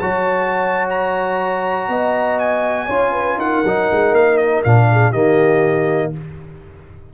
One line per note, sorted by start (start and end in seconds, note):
0.00 1.89 F#3
0.00 2.89 F#4
0.00 1.89 C#5
0.00 0.88 A5
0.90 2.39 A#5
1.89 2.89 B3
1.89 2.86 D#5
2.39 3.39 G#5
2.86 3.38 C#4
2.86 3.64 F4
2.86 3.11 C#5
3.12 3.37 B4
3.38 3.62 D#4
3.38 4.88 A#4
3.38 4.15 F#5
3.65 3.90 F#3
3.65 4.66 D#4
3.92 4.12 G#3
4.12 4.62 A#3
4.12 4.38 F5
4.38 4.63 D#5
4.64 5.13 A#2
4.64 5.14 D4
4.64 5.12 F5
4.92 5.11 G#4
5.11 6.13 D#3
5.11 6.14 A#3
5.11 6.11 G4
5.11 6.12 D#5